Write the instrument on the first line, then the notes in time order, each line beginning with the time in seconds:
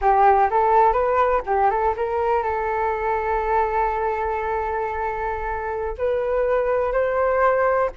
flute
0.01 G4
0.50 A4
0.93 B4
1.45 G4
1.70 A4
1.96 A#4
2.43 A4
5.98 B4
6.92 C5